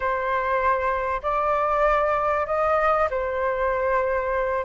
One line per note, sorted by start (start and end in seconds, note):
0.00 1.21 C5
1.22 2.46 D5
2.46 3.08 D#5
3.10 4.64 C5